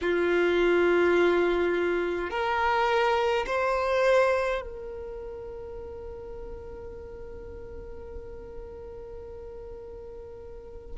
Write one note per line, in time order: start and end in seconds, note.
0.01 2.30 F4
2.30 3.45 A#4
3.46 4.61 C5
4.61 10.96 A#4